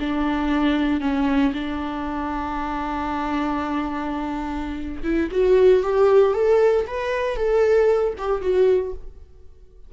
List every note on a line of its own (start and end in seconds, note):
0.00 1.01 D4
1.01 1.53 C#4
1.54 5.03 D4
5.04 5.29 E4
5.31 5.83 F#4
5.83 6.34 G4
6.34 6.86 A4
6.87 7.36 B4
7.36 8.14 A4
8.18 8.41 G4
8.41 8.93 F#4